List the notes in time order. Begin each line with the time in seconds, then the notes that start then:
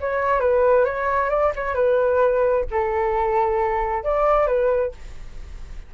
0.00 C#5
0.40 B4
0.84 C#5
1.30 D5
1.55 C#5
1.74 B4
2.70 A4
4.03 D5
4.47 B4